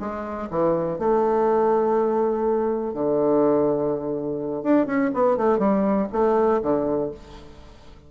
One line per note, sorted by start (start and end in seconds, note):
0.00 0.49 G#3
0.51 0.99 E3
0.99 2.94 A3
2.94 4.63 D3
4.63 4.87 D4
4.87 5.11 C#4
5.14 5.37 B3
5.37 5.59 A3
5.59 6.08 G3
6.12 6.61 A3
6.63 7.11 D3